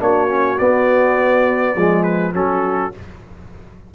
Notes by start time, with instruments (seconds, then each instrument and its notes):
0.00 tuba A#3, trombone D4, horn F#4, trumpet C#5
0.29 trombone C#4
0.59 trombone B3, tuba B3, trumpet D5
1.75 tuba F3, trombone G#3, horn G#4
2.04 trumpet B4
2.34 tuba F#3, trombone C#4, horn F#4, trumpet A4